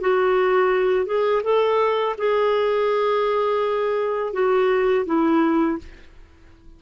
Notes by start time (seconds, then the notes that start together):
0.00 F#4
1.05 G#4
1.43 A4
2.18 G#4
4.33 F#4
5.06 E4